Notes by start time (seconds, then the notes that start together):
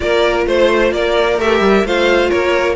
0.00 A#3 F4 A#4 D5
0.46 A3 C5
0.92 A#3 A#4 D5
1.38 A3 G4 E5
1.60 G3
1.84 A3 F4 C5 F5
2.29 A#3 A#4 C#5